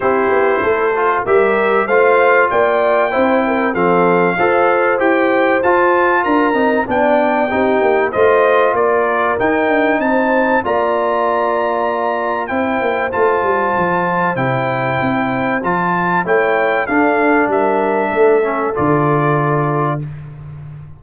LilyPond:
<<
  \new Staff \with { instrumentName = "trumpet" } { \time 4/4 \tempo 4 = 96 c''2 e''4 f''4 | g''2 f''2 | g''4 a''4 ais''4 g''4~ | g''4 dis''4 d''4 g''4 |
a''4 ais''2. | g''4 a''2 g''4~ | g''4 a''4 g''4 f''4 | e''2 d''2 | }
  \new Staff \with { instrumentName = "horn" } { \time 4/4 g'4 a'4 ais'4 c''4 | d''4 c''8 ais'8 a'4 c''4~ | c''2 ais'4 d''4 | g'4 c''4 ais'2 |
c''4 d''2. | c''1~ | c''2 cis''4 a'4 | ais'4 a'2. | }
  \new Staff \with { instrumentName = "trombone" } { \time 4/4 e'4. f'8 g'4 f'4~ | f'4 e'4 c'4 a'4 | g'4 f'4. dis'8 d'4 | dis'4 f'2 dis'4~ |
dis'4 f'2. | e'4 f'2 e'4~ | e'4 f'4 e'4 d'4~ | d'4. cis'8 f'2 | }
  \new Staff \with { instrumentName = "tuba" } { \time 4/4 c'8 b8 a4 g4 a4 | ais4 c'4 f4 f'4 | e'4 f'4 d'8 c'8 b4 | c'8 ais8 a4 ais4 dis'8 d'8 |
c'4 ais2. | c'8 ais8 a8 g8 f4 c4 | c'4 f4 a4 d'4 | g4 a4 d2 | }
>>